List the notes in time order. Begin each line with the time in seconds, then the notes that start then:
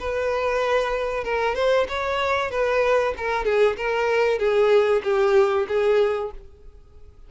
0.00 B4
1.24 A#4
1.56 C5
1.89 C#5
2.51 B4
3.18 A#4
3.45 G#4
3.77 A#4
4.39 G#4
5.04 G4
5.68 G#4